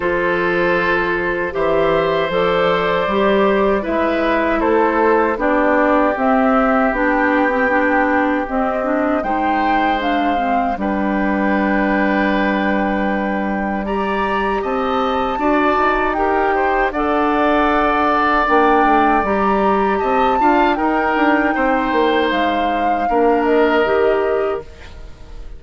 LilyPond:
<<
  \new Staff \with { instrumentName = "flute" } { \time 4/4 \tempo 4 = 78 c''2 e''4 d''4~ | d''4 e''4 c''4 d''4 | e''4 g''2 dis''4 | g''4 f''4 g''2~ |
g''2 ais''4 a''4~ | a''4 g''4 fis''2 | g''4 ais''4 a''4 g''4~ | g''4 f''4. dis''4. | }
  \new Staff \with { instrumentName = "oboe" } { \time 4/4 a'2 c''2~ | c''4 b'4 a'4 g'4~ | g'1 | c''2 b'2~ |
b'2 d''4 dis''4 | d''4 ais'8 c''8 d''2~ | d''2 dis''8 f''8 ais'4 | c''2 ais'2 | }
  \new Staff \with { instrumentName = "clarinet" } { \time 4/4 f'2 g'4 a'4 | g'4 e'2 d'4 | c'4 d'8. c'16 d'4 c'8 d'8 | dis'4 d'8 c'8 d'2~ |
d'2 g'2 | fis'4 g'4 a'2 | d'4 g'4. f'8 dis'4~ | dis'2 d'4 g'4 | }
  \new Staff \with { instrumentName = "bassoon" } { \time 4/4 f2 e4 f4 | g4 gis4 a4 b4 | c'4 b2 c'4 | gis2 g2~ |
g2. c'4 | d'8 dis'4. d'2 | ais8 a8 g4 c'8 d'8 dis'8 d'8 | c'8 ais8 gis4 ais4 dis4 | }
>>